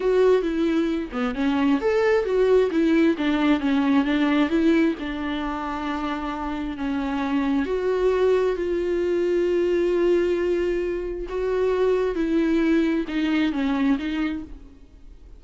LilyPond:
\new Staff \with { instrumentName = "viola" } { \time 4/4 \tempo 4 = 133 fis'4 e'4. b8 cis'4 | a'4 fis'4 e'4 d'4 | cis'4 d'4 e'4 d'4~ | d'2. cis'4~ |
cis'4 fis'2 f'4~ | f'1~ | f'4 fis'2 e'4~ | e'4 dis'4 cis'4 dis'4 | }